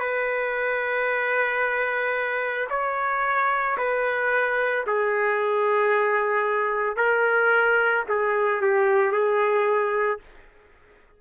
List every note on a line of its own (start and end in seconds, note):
0.00 2.68 B4
2.70 3.77 C#5
3.78 4.85 B4
4.87 6.97 G#4
6.97 8.04 A#4
8.09 8.62 G#4
8.62 9.13 G4
9.13 10.20 G#4